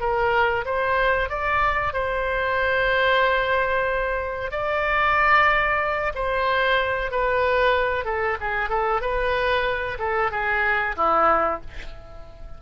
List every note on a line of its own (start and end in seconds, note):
0.00 0.65 A#4
0.65 1.29 C5
1.29 1.93 D5
1.93 4.51 C5
4.51 6.12 D5
6.14 7.11 C5
7.11 8.05 B4
8.05 8.37 A4
8.40 8.69 G#4
8.69 9.01 A4
9.01 9.98 B4
9.99 10.31 A4
10.31 10.96 G#4
10.96 11.61 E4